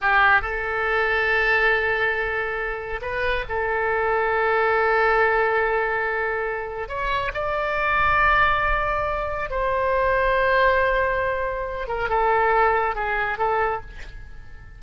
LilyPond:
\new Staff \with { instrumentName = "oboe" } { \time 4/4 \tempo 4 = 139 g'4 a'2.~ | a'2. b'4 | a'1~ | a'1 |
cis''4 d''2.~ | d''2 c''2~ | c''2.~ c''8 ais'8 | a'2 gis'4 a'4 | }